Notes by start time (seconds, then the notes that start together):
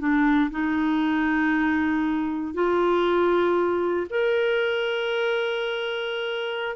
0.00 D4
0.52 D#4
2.55 F4
4.10 A#4